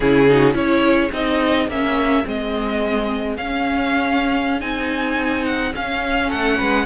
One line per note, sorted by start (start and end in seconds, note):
0.00 0.54 C#3
0.00 0.29 C#4
0.00 0.28 E4
0.00 0.54 G#4
0.29 0.53 D#4
0.29 0.58 F#4
0.53 1.10 C#4
0.53 1.09 E4
0.53 6.27 G#4
0.53 1.11 C#5
1.12 1.68 C4
1.12 1.68 D#4
1.12 1.69 D#5
1.68 2.24 A#3
1.68 2.24 C#4
1.68 2.26 E5
2.24 3.37 G#3
2.24 3.36 C4
2.24 3.36 D#5
3.36 4.61 C#4
3.36 4.60 C#4
3.36 4.61 F5
4.60 5.73 C4
4.60 5.72 D#4
4.60 5.44 G#5
5.44 5.72 F#5
5.74 6.86 C#4
5.74 6.31 C#4
5.74 6.30 F5
6.27 6.60 A3
6.27 6.55 A4
6.27 6.86 F#5
6.57 6.86 G#3
6.57 6.85 B4